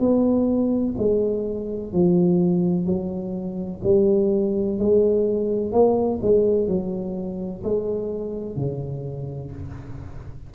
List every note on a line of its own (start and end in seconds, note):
0.00 0.95 B3
0.98 1.93 G#3
1.93 2.87 F3
2.87 3.82 F#3
3.84 4.79 G3
4.79 5.72 G#3
5.72 6.20 A#3
6.23 6.68 G#3
6.68 7.63 F#3
7.64 8.56 G#3
8.56 9.52 C#3